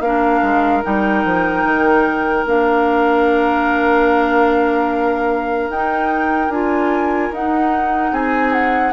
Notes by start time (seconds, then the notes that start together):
0.00 A#3 D4 A#4 F5
0.42 G#3
0.83 G3 D#4 G5
1.24 F3
1.64 D#3
2.46 A#3 D4 F5
5.69 D#4 G5
6.48 D4 F4 G#5
7.31 D#4 F#5
8.12 C4 G#4 G#5
8.53 F#5